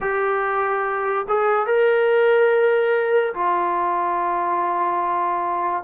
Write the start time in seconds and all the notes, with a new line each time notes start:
0.00 G4
1.28 G#4
1.66 A#4
3.34 F4